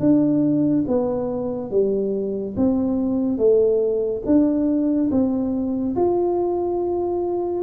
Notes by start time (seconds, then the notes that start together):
0.00 D4
0.87 B3
1.71 G3
2.57 C4
3.38 A3
4.26 D4
5.11 C4
5.96 F4